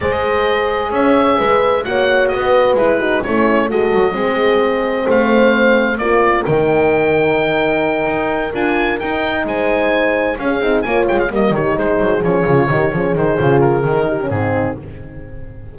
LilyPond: <<
  \new Staff \with { instrumentName = "oboe" } { \time 4/4 \tempo 4 = 130 dis''2 e''2 | fis''4 dis''4 b'4 cis''4 | dis''2. f''4~ | f''4 d''4 g''2~ |
g''2~ g''8 gis''4 g''8~ | g''8 gis''2 f''4 gis''8 | g''16 f''16 dis''8 cis''8 c''4 cis''4.~ | cis''8 c''4 ais'4. gis'4 | }
  \new Staff \with { instrumentName = "horn" } { \time 4/4 c''2 cis''4 b'4 | cis''4 b'4. fis'8 e'4 | a'4 gis'2 c''4~ | c''4 ais'2.~ |
ais'1~ | ais'8 c''2 gis'4 cis''8~ | cis''8 dis''8 g'8 gis'2 g'8 | gis'2~ gis'8 g'8 dis'4 | }
  \new Staff \with { instrumentName = "horn" } { \time 4/4 gis'1 | fis'2 e'8 dis'8 cis'4 | fis'4 c'2.~ | c'4 f'4 dis'2~ |
dis'2~ dis'8 f'4 dis'8~ | dis'2~ dis'8 cis'8 dis'8 f'8~ | f'8 ais8 dis'4. cis'8 f'8 dis'8 | cis'8 dis'8 f'4 dis'8. cis'16 c'4 | }
  \new Staff \with { instrumentName = "double bass" } { \time 4/4 gis2 cis'4 gis4 | ais4 b4 gis4 a4 | gis8 fis8 gis2 a4~ | a4 ais4 dis2~ |
dis4. dis'4 d'4 dis'8~ | dis'8 gis2 cis'8 c'8 ais8 | gis8 g8 dis8 gis8 fis8 f8 cis8 dis8 | f8 dis8 cis4 dis4 gis,4 | }
>>